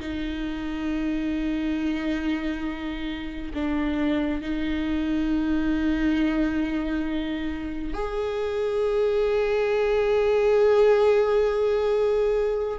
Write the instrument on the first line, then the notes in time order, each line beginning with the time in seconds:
viola
0.00 D#4
3.54 D4
4.42 D#4
7.94 G#4